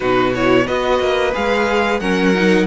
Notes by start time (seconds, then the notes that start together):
0.00 B2 D#4 F#4 B4
0.35 E4 C#5
0.65 B3 F#4 B4 D#5
0.99 A#3
1.33 G#3 G#4 F5
1.99 F#3 C#4 A#4 F#5
2.34 D#4